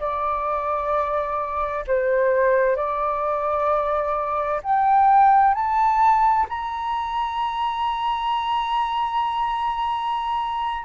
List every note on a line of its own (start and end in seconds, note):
0.00 1.85 D5
1.87 2.76 C5
2.76 4.61 D5
4.63 5.54 G5
5.54 6.47 A5
6.49 10.85 A#5